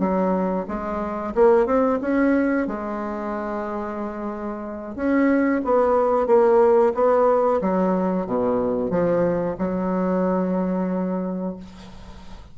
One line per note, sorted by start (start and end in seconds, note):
0.00 0.66 F#3
0.68 1.34 G#3
1.35 1.66 A#3
1.66 1.99 C4
2.02 2.68 C#4
2.68 4.96 G#3
4.96 5.62 C#4
5.65 6.27 B3
6.27 6.93 A#3
6.95 7.61 B3
7.61 8.27 F#3
8.27 8.90 B2
8.90 9.56 F3
9.59 11.57 F#3